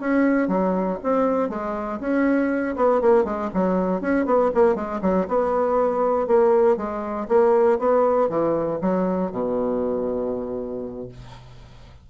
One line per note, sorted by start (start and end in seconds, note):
0.00 0.48 C#4
0.48 0.98 F#3
1.03 1.49 C4
1.49 2.00 G#3
2.00 2.76 C#4
2.76 3.01 B3
3.01 3.25 A#3
3.25 3.50 G#3
3.54 4.01 F#3
4.01 4.26 C#4
4.26 4.51 B3
4.54 4.75 A#3
4.75 5.01 G#3
5.02 5.27 F#3
5.28 6.27 B3
6.27 6.77 A#3
6.77 7.27 G#3
7.28 7.79 A#3
7.79 8.29 B3
8.29 8.80 E3
8.81 9.32 F#3
9.32 11.08 B2